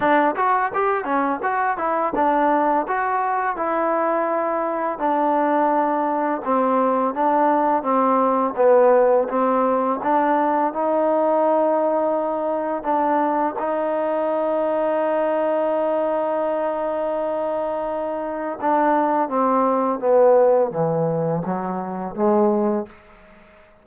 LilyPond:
\new Staff \with { instrumentName = "trombone" } { \time 4/4 \tempo 4 = 84 d'8 fis'8 g'8 cis'8 fis'8 e'8 d'4 | fis'4 e'2 d'4~ | d'4 c'4 d'4 c'4 | b4 c'4 d'4 dis'4~ |
dis'2 d'4 dis'4~ | dis'1~ | dis'2 d'4 c'4 | b4 e4 fis4 gis4 | }